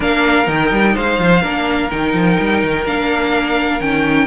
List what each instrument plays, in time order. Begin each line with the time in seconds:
0.00 cello A#3, viola D4, violin A#4 F5
0.46 cello D#3, viola D#4, violin G5
0.71 cello G3
0.94 cello G#3, violin C5 F5
1.18 cello F3
1.42 cello A#3, viola D4, violin A#4
1.90 cello D#3, viola D#4, violin G5
2.14 cello F3
2.39 cello G3
2.63 cello D#3
2.85 cello A#3, viola D4, violin F5
3.79 cello D#3, viola C#4, violin G5